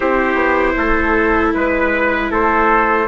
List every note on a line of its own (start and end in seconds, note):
0.00 0.34 C4
0.00 3.07 E4
0.00 0.75 G4
0.00 1.51 C5
0.34 0.73 B3
0.76 1.53 A3
0.76 1.55 A4
1.54 2.30 G#3
1.54 2.31 B4
2.30 3.07 A3
2.30 3.07 A4
2.30 3.07 C5